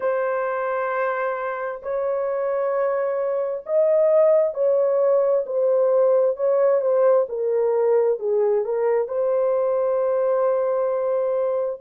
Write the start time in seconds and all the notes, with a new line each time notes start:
0.00 C5
1.82 C#5
3.66 D#5
4.53 C#5
5.45 C5
6.36 C#5
6.81 C5
7.28 A#4
8.19 G#4
8.64 A#4
9.08 C5